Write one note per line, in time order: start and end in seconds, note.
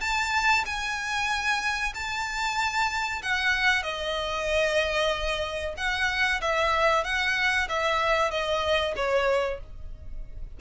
0.00 0.64 A5
0.65 1.93 G#5
1.94 3.22 A5
3.22 3.82 F#5
3.82 5.74 D#5
5.77 6.41 F#5
6.41 7.04 E5
7.04 7.68 F#5
7.69 8.30 E5
8.30 8.94 D#5
8.96 9.60 C#5